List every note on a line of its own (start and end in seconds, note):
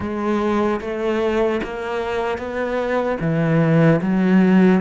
0.00 0.80 G#3
0.80 1.60 A3
1.63 2.37 A#3
2.37 3.17 B3
3.20 4.00 E3
4.01 4.81 F#3